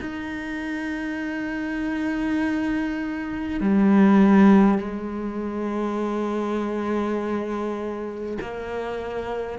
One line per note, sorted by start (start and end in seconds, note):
0.00 3.60 D#4
3.60 4.78 G3
4.78 8.38 G#3
8.41 9.58 A#3